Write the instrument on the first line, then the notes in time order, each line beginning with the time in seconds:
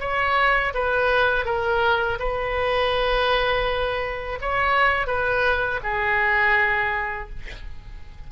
oboe
0.00 C#5
0.74 B4
1.45 A#4
2.20 B4
4.41 C#5
5.07 B4
5.83 G#4